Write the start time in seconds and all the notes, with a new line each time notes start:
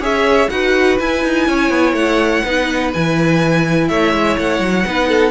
0.00 C#4 G#4 C#5 E5
0.49 D#4 F#4 B4 F#5
1.00 E4 G#5
1.24 D#4
1.48 C#4 C#5
1.70 B3
1.93 A3 F#5
2.44 B3 D#4 B4
2.94 E3 E4 G#5
3.88 A3 C#5 E5
4.13 G#3
4.38 A3 F#5
4.60 F#3
4.85 B3 D#4 B4
5.08 A4